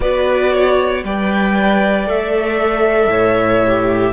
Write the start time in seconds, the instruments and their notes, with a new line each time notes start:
0.00 cello B3, viola F#4, violin B4 D5
0.52 violin C#5
1.03 cello G3, viola B4, violin D5 G5
2.06 cello A3, viola A4, violin E5
3.07 cello A2, violin C#5
3.67 viola G4